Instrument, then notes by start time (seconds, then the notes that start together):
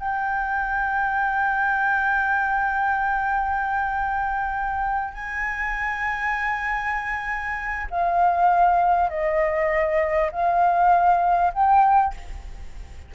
flute
0.00 G5
5.14 G#5
7.91 F5
9.10 D#5
10.32 F5
11.54 G5